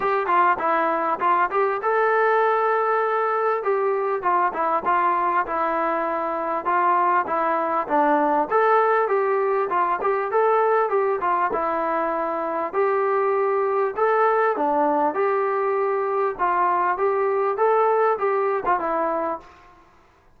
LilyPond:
\new Staff \with { instrumentName = "trombone" } { \time 4/4 \tempo 4 = 99 g'8 f'8 e'4 f'8 g'8 a'4~ | a'2 g'4 f'8 e'8 | f'4 e'2 f'4 | e'4 d'4 a'4 g'4 |
f'8 g'8 a'4 g'8 f'8 e'4~ | e'4 g'2 a'4 | d'4 g'2 f'4 | g'4 a'4 g'8. f'16 e'4 | }